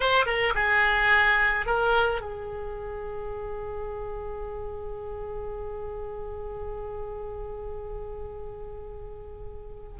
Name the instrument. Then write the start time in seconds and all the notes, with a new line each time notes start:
oboe
0.00 C5
0.26 A#4
0.55 G#4
1.66 A#4
2.21 G#4